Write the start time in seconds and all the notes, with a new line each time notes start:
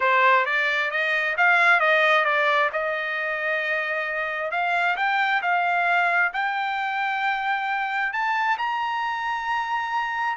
0.00 C5
0.45 D5
0.90 D#5
1.37 F5
1.80 D#5
2.24 D5
2.72 D#5
4.51 F5
4.96 G5
5.42 F5
6.33 G5
8.12 A5
8.58 A#5